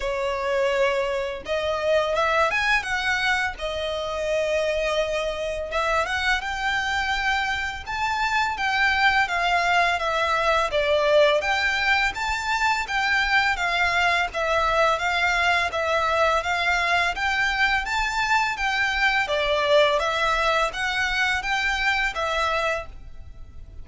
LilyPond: \new Staff \with { instrumentName = "violin" } { \time 4/4 \tempo 4 = 84 cis''2 dis''4 e''8 gis''8 | fis''4 dis''2. | e''8 fis''8 g''2 a''4 | g''4 f''4 e''4 d''4 |
g''4 a''4 g''4 f''4 | e''4 f''4 e''4 f''4 | g''4 a''4 g''4 d''4 | e''4 fis''4 g''4 e''4 | }